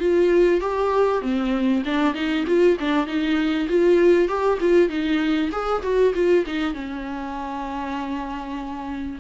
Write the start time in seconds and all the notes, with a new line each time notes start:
0.00 F4
0.61 G4
1.22 C4
1.85 D4
2.15 D#4
2.47 F4
2.80 D4
3.07 D#4
3.69 F4
4.29 G4
4.61 F4
4.90 D#4
5.52 G#4
5.83 F#4
6.15 F4
6.46 D#4
6.74 C#4